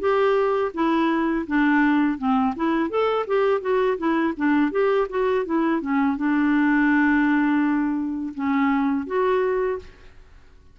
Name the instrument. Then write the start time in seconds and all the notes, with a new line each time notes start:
clarinet
0.00 G4
0.74 E4
1.47 D4
2.19 C4
2.56 E4
2.90 A4
3.27 G4
3.61 F#4
3.98 E4
4.37 D4
4.72 G4
5.10 F#4
5.45 E4
5.82 C#4
6.17 D4
8.35 C#4
9.07 F#4